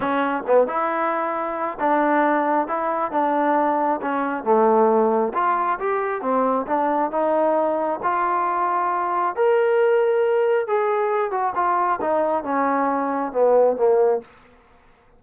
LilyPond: \new Staff \with { instrumentName = "trombone" } { \time 4/4 \tempo 4 = 135 cis'4 b8 e'2~ e'8 | d'2 e'4 d'4~ | d'4 cis'4 a2 | f'4 g'4 c'4 d'4 |
dis'2 f'2~ | f'4 ais'2. | gis'4. fis'8 f'4 dis'4 | cis'2 b4 ais4 | }